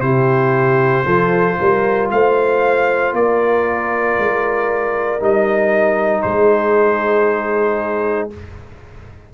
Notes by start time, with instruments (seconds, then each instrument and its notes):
0.00 tuba C3, trombone E4, horn G4, trumpet C5
1.05 tuba F3, trombone F4, horn A4
1.59 tuba G3, horn A#4
2.11 tuba A3, horn C5, trumpet F5
3.12 tuba A#3, horn A#4, trumpet D5
4.18 tuba G#3
5.19 tuba G3, trombone D#4, trumpet D#5
6.22 tuba G#3, horn G#4, trumpet C5